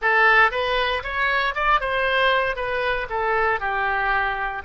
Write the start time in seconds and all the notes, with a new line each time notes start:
0.01 A4
0.51 B4
1.03 C#5
1.54 D5
1.80 C5
2.56 B4
3.09 A4
3.60 G4